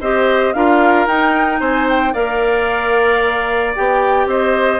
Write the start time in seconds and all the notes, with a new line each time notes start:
0.00 C4 G4 C5 D#5
0.53 D4 F4 A#4 F5
1.06 D#4 G5
1.60 C4 C5 G#5
1.89 G5
2.13 A#3 A#4 D5 F5
3.75 B3 G4 G5
4.26 C4 C5 D#5